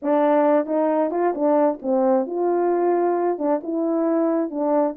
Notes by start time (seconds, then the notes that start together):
0.02 D4
0.66 D#4
1.11 F4
1.34 D4
1.81 C4
2.26 F4
3.38 D4
3.63 E4
4.50 D4